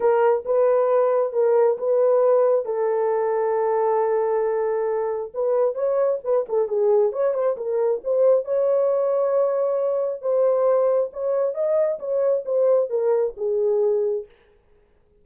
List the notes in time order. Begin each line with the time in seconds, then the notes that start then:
0.00 A#4
0.45 B4
1.33 A#4
1.78 B4
2.65 A4
5.33 B4
5.74 C#5
6.24 B4
6.48 A4
6.67 G#4
7.12 C#5
7.34 C5
7.56 A#4
8.03 C5
8.44 C#5
10.21 C5
11.12 C#5
11.54 D#5
11.99 C#5
12.45 C5
12.89 A#4
13.36 G#4